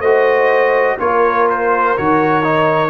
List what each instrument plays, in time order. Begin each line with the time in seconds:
0.00 tuba A3, trombone F#4, horn C5, trumpet D#5
0.99 tuba A#3, trombone F4, horn A#4, trumpet C#5
1.50 trumpet C5
1.97 tuba D#3, trombone F#4, trumpet C#5
2.43 trombone D#4